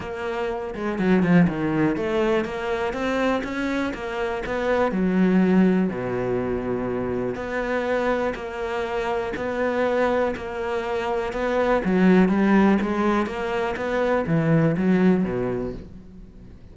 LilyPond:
\new Staff \with { instrumentName = "cello" } { \time 4/4 \tempo 4 = 122 ais4. gis8 fis8 f8 dis4 | a4 ais4 c'4 cis'4 | ais4 b4 fis2 | b,2. b4~ |
b4 ais2 b4~ | b4 ais2 b4 | fis4 g4 gis4 ais4 | b4 e4 fis4 b,4 | }